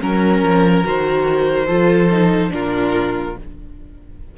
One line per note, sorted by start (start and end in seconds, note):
0.00 0.42 F#3
0.00 0.84 C#4
0.00 1.66 A#4
0.00 0.85 A#4
0.42 0.84 F3
0.84 1.69 D#3
0.84 1.67 F#4
0.84 2.52 C5
1.66 2.52 F3
1.66 2.09 F4
1.66 2.49 A4
2.11 2.49 D#4
2.49 3.35 A#2
2.49 3.32 D4
2.49 3.37 F4
2.49 3.36 A#4